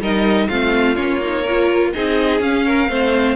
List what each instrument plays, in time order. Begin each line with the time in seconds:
0.00 cello G3, viola D#4, violin A#4 D#5
0.48 cello A3, viola C4, violin F4 F5
0.96 cello A#3, viola C#4, violin C#5
1.21 viola D#4
1.43 violin A#4
1.49 viola F4
1.93 cello C4, viola D#4, violin G#4 D#5
2.40 cello C#4, viola C#4, violin F5
2.66 violin A#4
2.89 cello A3, viola C4, violin C5